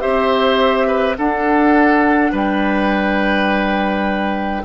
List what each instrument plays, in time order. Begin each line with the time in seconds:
0.00 bassoon C4, clarinet G4, oboe C5, flute E5
0.87 oboe B4
1.18 bassoon D4, clarinet D4, oboe A4, flute F#5
2.32 bassoon G3, oboe B4, flute G5